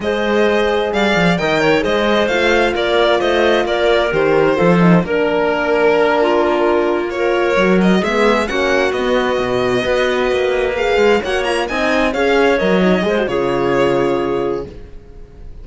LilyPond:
<<
  \new Staff \with { instrumentName = "violin" } { \time 4/4 \tempo 4 = 131 dis''2 f''4 g''4 | dis''4 f''4 d''4 dis''4 | d''4 c''2 ais'4~ | ais'2.~ ais'8 cis''8~ |
cis''4 dis''8 e''4 fis''4 dis''8~ | dis''2.~ dis''8 f''8~ | f''8 fis''8 ais''8 gis''4 f''4 dis''8~ | dis''4 cis''2. | }
  \new Staff \with { instrumentName = "clarinet" } { \time 4/4 c''2 d''4 dis''8 cis''8 | c''2 ais'4 c''4 | ais'2 a'4 ais'4~ | ais'4. f'2 ais'8~ |
ais'4. gis'4 fis'4.~ | fis'4. b'2~ b'8~ | b'8 cis''4 dis''4 cis''4.~ | cis''8 c''8 gis'2. | }
  \new Staff \with { instrumentName = "horn" } { \time 4/4 gis'2. ais'4 | gis'4 f'2.~ | f'4 g'4 f'8 dis'8 d'4~ | d'2.~ d'8 f'8~ |
f'8 fis'4 b4 cis'4 b8~ | b4. fis'2 gis'8~ | gis'8 fis'8 f'8 dis'4 gis'4 ais'8 | dis'8 gis'16 fis'16 f'2. | }
  \new Staff \with { instrumentName = "cello" } { \time 4/4 gis2 g8 f8 dis4 | gis4 a4 ais4 a4 | ais4 dis4 f4 ais4~ | ais1~ |
ais8 fis4 gis4 ais4 b8~ | b8 b,4 b4 ais4. | gis8 ais4 c'4 cis'4 fis8~ | fis8 gis8 cis2. | }
>>